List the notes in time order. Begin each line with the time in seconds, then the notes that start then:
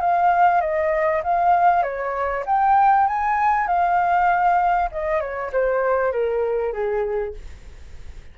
0.00 F5
0.61 D#5
1.23 F5
1.83 C#5
2.46 G5
3.07 G#5
3.67 F5
4.91 D#5
5.20 C#5
5.52 C5
6.12 A#4
6.72 G#4